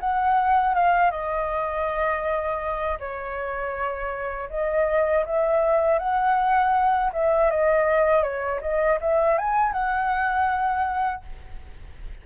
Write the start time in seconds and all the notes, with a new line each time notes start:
0.00 F#5
0.74 F5
1.11 D#5
2.99 C#5
4.50 D#5
5.25 E5
5.99 F#5
7.13 E5
7.50 D#5
8.23 C#5
8.61 D#5
9.01 E5
9.38 G#5
9.73 F#5